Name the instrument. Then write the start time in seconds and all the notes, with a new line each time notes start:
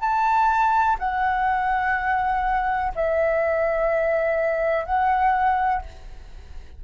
flute
0.00 A5
0.99 F#5
2.95 E5
4.85 F#5